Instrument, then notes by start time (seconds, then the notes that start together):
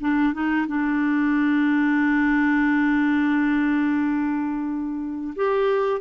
clarinet
0.00 D4
0.33 D#4
0.68 D4
5.36 G4